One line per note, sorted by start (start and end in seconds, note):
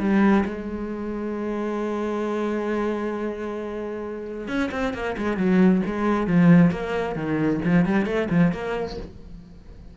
0.00 0.45 G3
0.46 4.48 G#3
4.48 4.71 C#4
4.72 4.94 C4
4.94 5.17 A#3
5.18 5.37 G#3
5.37 5.82 F#3
5.86 6.27 G#3
6.27 6.71 F3
6.71 7.16 A#3
7.16 7.61 D#3
7.65 7.86 F3
7.86 8.06 G3
8.06 8.29 A3
8.31 8.53 F3
8.53 8.97 A#3